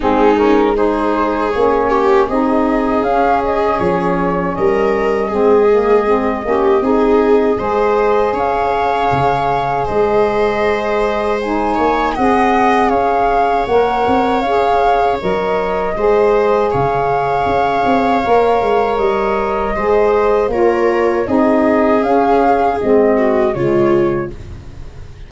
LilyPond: <<
  \new Staff \with { instrumentName = "flute" } { \time 4/4 \tempo 4 = 79 gis'8 ais'8 c''4 cis''4 dis''4 | f''8 dis''8 cis''4 dis''2~ | dis''2. f''4~ | f''4 dis''2 gis''4 |
fis''4 f''4 fis''4 f''4 | dis''2 f''2~ | f''4 dis''2 cis''4 | dis''4 f''4 dis''4 cis''4 | }
  \new Staff \with { instrumentName = "viola" } { \time 4/4 dis'4 gis'4. g'8 gis'4~ | gis'2 ais'4 gis'4~ | gis'8 g'8 gis'4 c''4 cis''4~ | cis''4 c''2~ c''8 cis''8 |
dis''4 cis''2.~ | cis''4 c''4 cis''2~ | cis''2 c''4 ais'4 | gis'2~ gis'8 fis'8 f'4 | }
  \new Staff \with { instrumentName = "saxophone" } { \time 4/4 c'8 cis'8 dis'4 cis'4 dis'4 | cis'2. c'8 ais8 | c'8 cis'8 dis'4 gis'2~ | gis'2. dis'4 |
gis'2 ais'4 gis'4 | ais'4 gis'2. | ais'2 gis'4 f'4 | dis'4 cis'4 c'4 gis4 | }
  \new Staff \with { instrumentName = "tuba" } { \time 4/4 gis2 ais4 c'4 | cis'4 f4 g4 gis4~ | gis8 ais8 c'4 gis4 cis'4 | cis4 gis2~ gis8 ais8 |
c'4 cis'4 ais8 c'8 cis'4 | fis4 gis4 cis4 cis'8 c'8 | ais8 gis8 g4 gis4 ais4 | c'4 cis'4 gis4 cis4 | }
>>